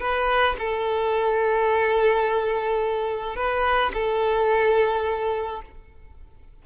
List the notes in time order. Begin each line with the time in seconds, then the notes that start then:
0.00 B4
0.59 A4
3.36 B4
3.94 A4